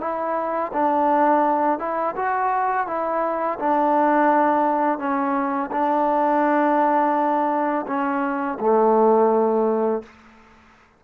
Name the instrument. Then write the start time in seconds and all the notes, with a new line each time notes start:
trombone
0.00 E4
0.73 D4
1.79 E4
2.16 F#4
2.87 E4
3.59 D4
4.98 C#4
5.71 D4
7.87 C#4
8.60 A3